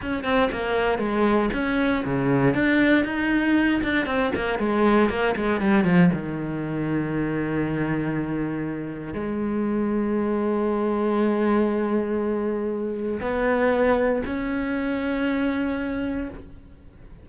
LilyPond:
\new Staff \with { instrumentName = "cello" } { \time 4/4 \tempo 4 = 118 cis'8 c'8 ais4 gis4 cis'4 | cis4 d'4 dis'4. d'8 | c'8 ais8 gis4 ais8 gis8 g8 f8 | dis1~ |
dis2 gis2~ | gis1~ | gis2 b2 | cis'1 | }